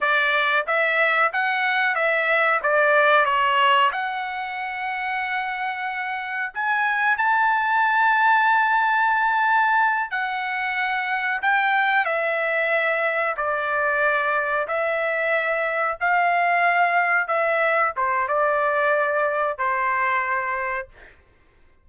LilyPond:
\new Staff \with { instrumentName = "trumpet" } { \time 4/4 \tempo 4 = 92 d''4 e''4 fis''4 e''4 | d''4 cis''4 fis''2~ | fis''2 gis''4 a''4~ | a''2.~ a''8 fis''8~ |
fis''4. g''4 e''4.~ | e''8 d''2 e''4.~ | e''8 f''2 e''4 c''8 | d''2 c''2 | }